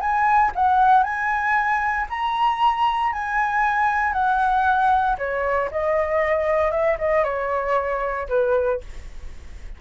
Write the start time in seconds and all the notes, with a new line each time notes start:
0.00 G#5
0.55 F#5
1.03 G#5
2.10 A#5
3.12 G#5
4.13 F#5
5.18 C#5
5.71 D#5
6.71 E5
6.98 D#5
7.24 C#5
8.29 B4